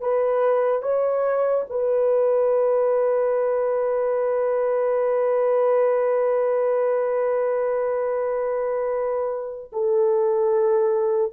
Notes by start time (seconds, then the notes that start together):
0.00 B4
0.82 C#5
1.69 B4
9.72 A4